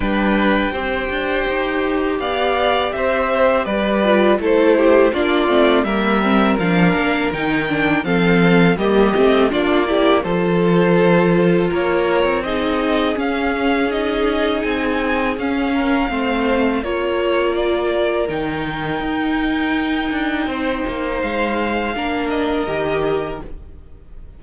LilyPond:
<<
  \new Staff \with { instrumentName = "violin" } { \time 4/4 \tempo 4 = 82 g''2. f''4 | e''4 d''4 c''4 d''4 | e''4 f''4 g''4 f''4 | dis''4 d''4 c''2 |
cis''4 dis''4 f''4 dis''4 | gis''4 f''2 cis''4 | d''4 g''2.~ | g''4 f''4. dis''4. | }
  \new Staff \with { instrumentName = "violin" } { \time 4/4 b'4 c''2 d''4 | c''4 b'4 a'8 g'8 f'4 | ais'2. a'4 | g'4 f'8 g'8 a'2 |
ais'4 gis'2.~ | gis'4. ais'8 c''4 ais'4~ | ais'1 | c''2 ais'2 | }
  \new Staff \with { instrumentName = "viola" } { \time 4/4 d'4 g'2.~ | g'4. f'8 e'4 d'8 c'8 | ais8 c'8 d'4 dis'8 d'8 c'4 | ais8 c'8 d'8 e'8 f'2~ |
f'4 dis'4 cis'4 dis'4~ | dis'4 cis'4 c'4 f'4~ | f'4 dis'2.~ | dis'2 d'4 g'4 | }
  \new Staff \with { instrumentName = "cello" } { \time 4/4 g4 c'8 d'8 dis'4 b4 | c'4 g4 a4 ais8 a8 | g4 f8 ais8 dis4 f4 | g8 a8 ais4 f2 |
ais8. c'4~ c'16 cis'2 | c'4 cis'4 a4 ais4~ | ais4 dis4 dis'4. d'8 | c'8 ais8 gis4 ais4 dis4 | }
>>